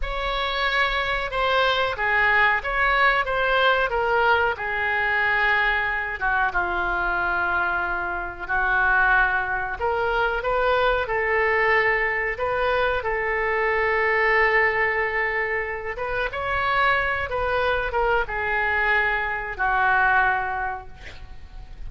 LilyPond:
\new Staff \with { instrumentName = "oboe" } { \time 4/4 \tempo 4 = 92 cis''2 c''4 gis'4 | cis''4 c''4 ais'4 gis'4~ | gis'4. fis'8 f'2~ | f'4 fis'2 ais'4 |
b'4 a'2 b'4 | a'1~ | a'8 b'8 cis''4. b'4 ais'8 | gis'2 fis'2 | }